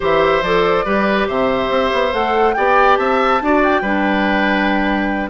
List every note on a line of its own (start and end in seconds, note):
0.00 0.41 E3
0.00 0.42 G4
0.00 0.85 C5
0.00 0.43 E5
0.41 0.84 F3
0.41 0.85 A4
0.41 1.28 D5
0.85 1.27 G3
0.85 2.12 G4
0.85 1.27 B4
1.27 1.69 C3
1.27 2.55 C5
1.27 2.13 E5
1.69 1.91 C4
1.92 2.13 B3
2.12 2.55 A3
2.12 2.54 A4
2.12 2.53 F#5
2.53 2.98 B3
2.53 3.42 G4
2.53 2.99 D5
2.53 2.96 G5
2.96 3.41 C4
2.96 3.41 E5
2.96 3.60 A5
3.41 3.81 D4
3.41 3.83 F#4
3.41 3.81 D5
3.63 5.29 G5
3.81 5.29 G3
3.81 5.29 D4
3.81 5.29 B4